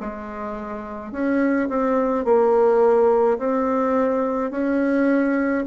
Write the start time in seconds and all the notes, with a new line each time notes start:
0.00 G#3
1.12 C#4
1.68 C4
2.24 A#3
3.38 C4
4.51 C#4